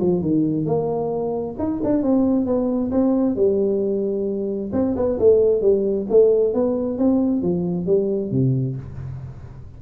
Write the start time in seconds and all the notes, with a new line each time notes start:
0.00 F3
0.22 D#3
0.66 A#3
1.59 D#4
1.84 D4
2.03 C4
2.46 B3
2.91 C4
3.36 G3
4.73 C4
4.96 B3
5.19 A3
5.61 G3
6.10 A3
6.54 B3
6.98 C4
7.43 F3
7.86 G3
8.31 C3